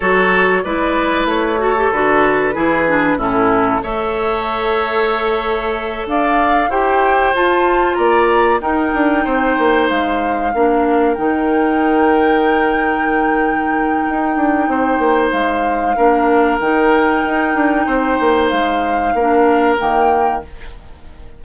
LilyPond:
<<
  \new Staff \with { instrumentName = "flute" } { \time 4/4 \tempo 4 = 94 cis''4 d''4 cis''4 b'4~ | b'4 a'4 e''2~ | e''4. f''4 g''4 a''8~ | a''8 ais''4 g''2 f''8~ |
f''4. g''2~ g''8~ | g''1 | f''2 g''2~ | g''4 f''2 g''4 | }
  \new Staff \with { instrumentName = "oboe" } { \time 4/4 a'4 b'4. a'4. | gis'4 e'4 cis''2~ | cis''4. d''4 c''4.~ | c''8 d''4 ais'4 c''4.~ |
c''8 ais'2.~ ais'8~ | ais'2. c''4~ | c''4 ais'2. | c''2 ais'2 | }
  \new Staff \with { instrumentName = "clarinet" } { \time 4/4 fis'4 e'4. fis'16 g'16 fis'4 | e'8 d'8 cis'4 a'2~ | a'2~ a'8 g'4 f'8~ | f'4. dis'2~ dis'8~ |
dis'8 d'4 dis'2~ dis'8~ | dis'1~ | dis'4 d'4 dis'2~ | dis'2 d'4 ais4 | }
  \new Staff \with { instrumentName = "bassoon" } { \time 4/4 fis4 gis4 a4 d4 | e4 a,4 a2~ | a4. d'4 e'4 f'8~ | f'8 ais4 dis'8 d'8 c'8 ais8 gis8~ |
gis8 ais4 dis2~ dis8~ | dis2 dis'8 d'8 c'8 ais8 | gis4 ais4 dis4 dis'8 d'8 | c'8 ais8 gis4 ais4 dis4 | }
>>